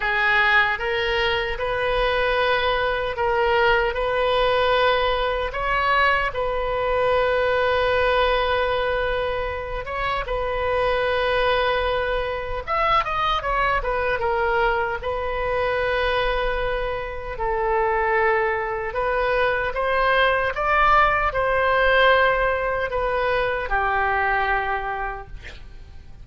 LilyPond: \new Staff \with { instrumentName = "oboe" } { \time 4/4 \tempo 4 = 76 gis'4 ais'4 b'2 | ais'4 b'2 cis''4 | b'1~ | b'8 cis''8 b'2. |
e''8 dis''8 cis''8 b'8 ais'4 b'4~ | b'2 a'2 | b'4 c''4 d''4 c''4~ | c''4 b'4 g'2 | }